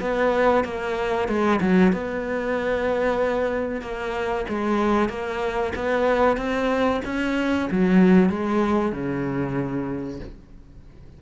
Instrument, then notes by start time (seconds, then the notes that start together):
cello
0.00 B3
0.64 A#3
1.28 G#3
1.60 F#3
1.92 B3
3.81 A#3
4.48 G#3
5.09 A#3
5.75 B3
6.37 C4
7.05 C#4
7.71 F#3
8.29 G#3
8.92 C#3